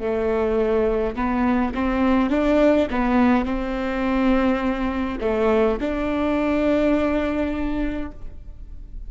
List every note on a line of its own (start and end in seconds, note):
0.00 1.15 A3
1.16 1.74 B3
1.75 2.30 C4
2.30 2.87 D4
2.91 3.45 B3
3.45 5.18 C4
5.21 5.78 A3
5.81 8.11 D4